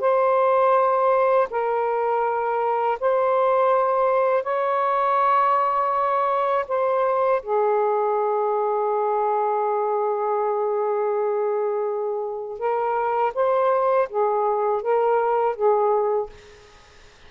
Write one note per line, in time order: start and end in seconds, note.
0.00 1.48 C5
1.51 2.99 A#4
3.00 4.43 C5
4.43 6.66 C#5
6.68 7.42 C5
7.42 12.59 G#4
12.59 13.33 A#4
13.35 14.09 C5
14.09 14.82 G#4
14.82 15.56 A#4
15.56 16.30 G#4